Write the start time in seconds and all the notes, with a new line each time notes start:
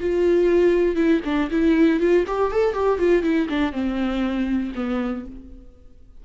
0.00 F4
0.95 E4
1.25 D4
1.51 E4
2.00 F4
2.27 G4
2.52 A4
2.74 G4
2.99 F4
3.22 E4
3.49 D4
3.72 C4
4.75 B3